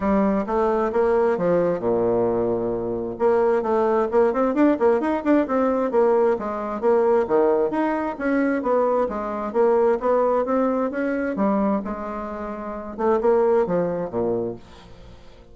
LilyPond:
\new Staff \with { instrumentName = "bassoon" } { \time 4/4 \tempo 4 = 132 g4 a4 ais4 f4 | ais,2. ais4 | a4 ais8 c'8 d'8 ais8 dis'8 d'8 | c'4 ais4 gis4 ais4 |
dis4 dis'4 cis'4 b4 | gis4 ais4 b4 c'4 | cis'4 g4 gis2~ | gis8 a8 ais4 f4 ais,4 | }